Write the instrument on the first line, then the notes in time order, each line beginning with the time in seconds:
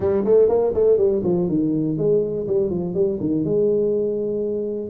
tuba
0.00 G3
0.25 A3
0.49 A#3
0.74 A3
0.97 G3
1.23 F3
1.48 D#3
1.97 G#3
2.47 G3
2.70 F3
2.94 G3
3.20 D#3
3.44 G#3